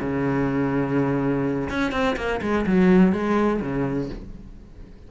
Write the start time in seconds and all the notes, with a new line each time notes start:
0.00 C#3
1.70 C#4
1.92 C4
2.16 A#3
2.41 G#3
2.67 F#3
3.12 G#3
3.61 C#3